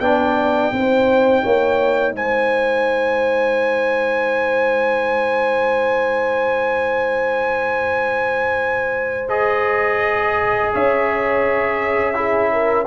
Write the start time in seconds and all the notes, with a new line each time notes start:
0.00 B3 D4 D5 G5
0.72 C4 D#4 C5
1.44 A#3 C#5
2.12 G#3 C5 G#5
9.29 G#4 D#5
10.73 C#4 C#5 E5
12.15 E4 G#4
12.53 A#4